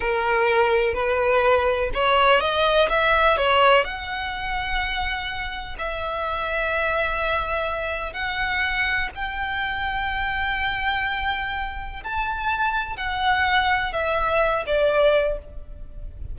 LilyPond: \new Staff \with { instrumentName = "violin" } { \time 4/4 \tempo 4 = 125 ais'2 b'2 | cis''4 dis''4 e''4 cis''4 | fis''1 | e''1~ |
e''4 fis''2 g''4~ | g''1~ | g''4 a''2 fis''4~ | fis''4 e''4. d''4. | }